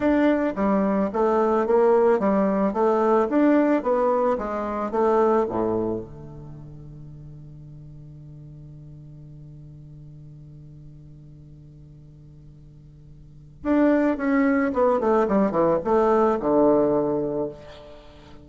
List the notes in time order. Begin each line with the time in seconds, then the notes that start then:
0.00 D4
0.55 G3
1.12 A3
1.66 A#3
2.19 G3
2.73 A3
3.29 D4
3.82 B3
4.38 G#3
4.91 A3
5.49 A2
6.00 D3
13.63 D4
14.17 C#4
14.73 B3
15.00 A3
15.28 G3
15.51 E3
15.84 A3
16.39 D3